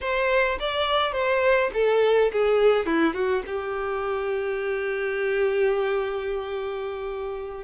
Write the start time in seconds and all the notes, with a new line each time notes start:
0.00 C5
0.59 D5
1.12 C5
1.73 A4
2.32 G#4
2.86 E4
3.13 F#4
3.46 G4